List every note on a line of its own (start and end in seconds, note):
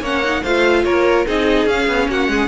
0.00 0.41 A#3
0.00 0.23 C#4
0.00 0.41 C#5
0.00 0.43 F#5
0.23 0.44 D#4
0.42 0.84 A3
0.42 1.26 F4
0.42 0.83 C5
0.42 0.84 F5
0.84 1.25 A#3
0.84 1.26 A#4
0.84 1.25 C#5
1.26 1.65 C4
1.26 1.67 D#4
1.26 2.08 G#4
1.26 1.68 D#5
1.65 1.86 C#4
1.65 2.47 C#4
1.65 2.09 F5
1.87 2.07 B3
2.08 2.27 A#3
2.08 2.29 F#4
2.08 2.47 F#5
2.27 2.47 G#3
2.27 2.47 G#4